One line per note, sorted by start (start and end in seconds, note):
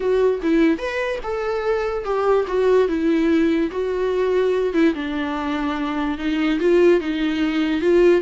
0.00 0.40 F#4
0.42 0.78 E4
0.78 1.19 B4
1.23 2.04 A4
2.04 2.45 G4
2.47 2.88 F#4
2.88 3.70 E4
3.71 4.73 F#4
4.73 4.94 E4
4.94 6.18 D4
6.18 6.59 D#4
6.59 7.00 F4
7.00 7.81 D#4
7.81 8.21 F4